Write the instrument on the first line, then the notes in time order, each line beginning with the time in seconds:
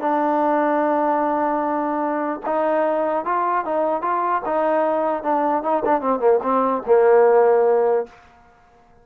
trombone
0.00 D4
2.46 D#4
3.25 F4
3.65 D#4
4.02 F4
4.45 D#4
5.23 D4
5.63 D#4
5.85 D4
6.01 C4
6.20 A#3
6.42 C4
6.86 A#3